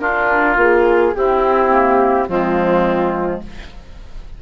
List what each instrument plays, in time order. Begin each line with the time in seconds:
0.00 clarinet D4, bassoon D4, oboe F4, flute A#4
0.56 bassoon A#3, clarinet F4, flute G#4
1.15 clarinet C4, bassoon C4, oboe E4, flute G4
1.70 clarinet A#3
2.28 bassoon F3, clarinet G#3, oboe C4, flute F4